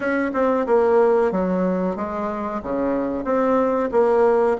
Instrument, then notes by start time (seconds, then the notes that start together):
bassoon
0.00 C#4
0.33 C4
0.66 A#3
1.31 F#3
1.96 G#3
2.63 C#3
3.24 C4
3.91 A#3